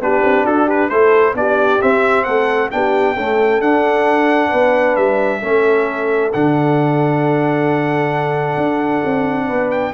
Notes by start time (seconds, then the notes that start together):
0.00 B3 D4 G4 B4
0.24 C4
0.46 D4 F#4 A4
0.66 G4 B4
0.89 A3 E4 A4 C5
1.34 B3 D4 G4 D5
1.82 C4 E5
2.24 A3 A4 F#5
2.71 B3 D4 G4 G5
3.15 A3 C#4 A4
3.61 D4 F#5
4.49 B3 B4
4.96 G3 E5
5.41 A3 C#4 A4
6.33 D3 D4 F#5
8.57 D4
9.05 C4
9.47 B3 B4
9.71 G5